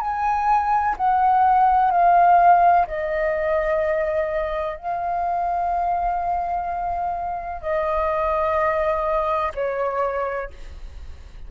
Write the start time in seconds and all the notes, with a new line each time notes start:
0.00 G#5
0.97 F#5
1.91 F5
2.87 D#5
4.77 F5
7.62 D#5
9.55 C#5